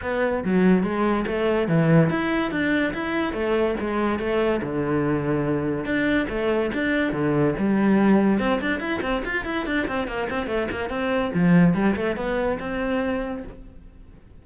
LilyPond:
\new Staff \with { instrumentName = "cello" } { \time 4/4 \tempo 4 = 143 b4 fis4 gis4 a4 | e4 e'4 d'4 e'4 | a4 gis4 a4 d4~ | d2 d'4 a4 |
d'4 d4 g2 | c'8 d'8 e'8 c'8 f'8 e'8 d'8 c'8 | ais8 c'8 a8 ais8 c'4 f4 | g8 a8 b4 c'2 | }